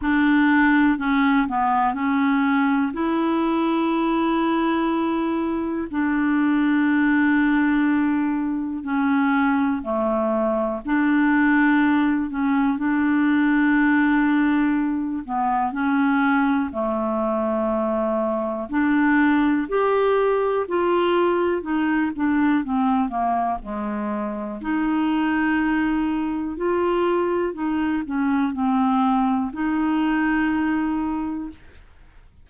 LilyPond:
\new Staff \with { instrumentName = "clarinet" } { \time 4/4 \tempo 4 = 61 d'4 cis'8 b8 cis'4 e'4~ | e'2 d'2~ | d'4 cis'4 a4 d'4~ | d'8 cis'8 d'2~ d'8 b8 |
cis'4 a2 d'4 | g'4 f'4 dis'8 d'8 c'8 ais8 | gis4 dis'2 f'4 | dis'8 cis'8 c'4 dis'2 | }